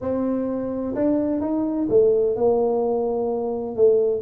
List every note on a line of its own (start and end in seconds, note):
0.01 0.94 C4
0.95 1.40 D4
1.40 1.87 D#4
1.89 2.36 A3
2.36 3.76 A#3
3.76 4.21 A3